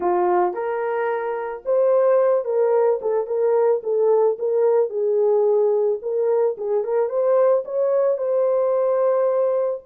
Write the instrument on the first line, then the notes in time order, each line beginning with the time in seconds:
horn
0.00 F4
0.53 A#4
1.65 C5
2.44 A#4
3.01 A4
3.27 A#4
3.83 A4
4.38 A#4
4.89 G#4
6.01 A#4
6.57 G#4
6.84 A#4
7.09 C5
7.64 C#5
8.17 C5